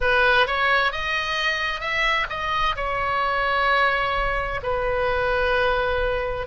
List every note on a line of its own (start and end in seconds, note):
0.00 0.47 B4
0.47 0.92 C#5
0.92 1.80 D#5
1.80 2.26 E5
2.29 2.75 D#5
2.76 4.60 C#5
4.62 6.46 B4